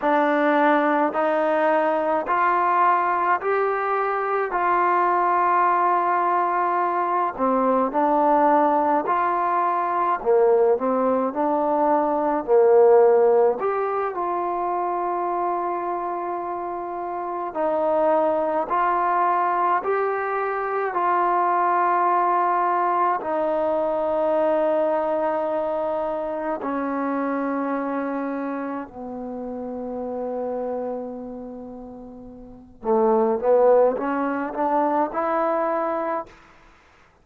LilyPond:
\new Staff \with { instrumentName = "trombone" } { \time 4/4 \tempo 4 = 53 d'4 dis'4 f'4 g'4 | f'2~ f'8 c'8 d'4 | f'4 ais8 c'8 d'4 ais4 | g'8 f'2. dis'8~ |
dis'8 f'4 g'4 f'4.~ | f'8 dis'2. cis'8~ | cis'4. b2~ b8~ | b4 a8 b8 cis'8 d'8 e'4 | }